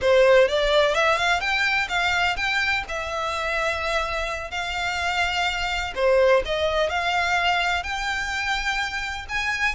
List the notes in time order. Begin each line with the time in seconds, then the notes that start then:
0.01 C5
0.47 D5
0.94 E5
1.17 F5
1.40 G5
1.89 F5
2.36 G5
2.88 E5
4.50 F5
5.95 C5
6.45 D#5
6.89 F5
7.83 G5
9.29 G#5